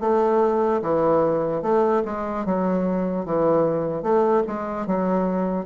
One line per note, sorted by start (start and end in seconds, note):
0.00 0.81 A3
0.81 1.62 E3
1.62 2.02 A3
2.05 2.45 G#3
2.45 3.25 F#3
3.25 4.02 E3
4.02 4.43 A3
4.47 4.86 G#3
4.86 5.65 F#3